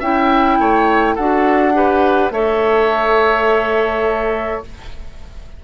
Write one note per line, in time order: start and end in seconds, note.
0.00 0.58 C#4
0.00 1.18 E4
0.00 0.58 E5
0.00 1.16 G5
0.59 1.17 A3
0.59 1.15 C#5
1.15 2.31 D4
1.15 1.74 F#4
1.15 1.73 A4
1.15 2.31 F#5
1.74 2.31 G4
1.74 2.33 B4
2.31 4.62 A3
2.31 4.64 A4
2.31 4.64 C#5
2.31 4.62 E5